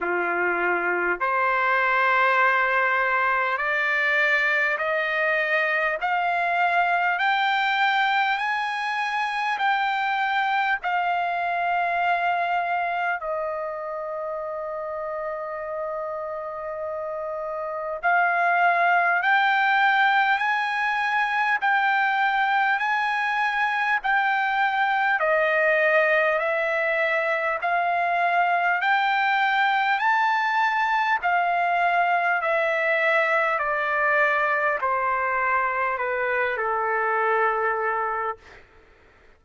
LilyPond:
\new Staff \with { instrumentName = "trumpet" } { \time 4/4 \tempo 4 = 50 f'4 c''2 d''4 | dis''4 f''4 g''4 gis''4 | g''4 f''2 dis''4~ | dis''2. f''4 |
g''4 gis''4 g''4 gis''4 | g''4 dis''4 e''4 f''4 | g''4 a''4 f''4 e''4 | d''4 c''4 b'8 a'4. | }